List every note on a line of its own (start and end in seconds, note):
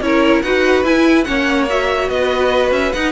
0.00 0.42 C#4
0.00 0.43 E4
0.00 0.43 A#4
0.00 0.41 C#5
0.41 0.83 D#4
0.41 0.85 F#4
0.41 1.26 B4
0.41 0.83 F#5
0.83 1.25 E4
0.83 1.24 G#5
1.24 2.09 A#3
1.24 1.67 C#4
1.24 2.09 C#5
1.24 1.65 F#5
1.68 2.93 F#4
1.68 2.09 E5
2.09 2.71 B3
2.09 3.12 B4
2.09 2.71 D#5
2.71 2.91 C#4
2.71 2.92 E5
2.92 3.12 D#4
2.92 3.12 F#5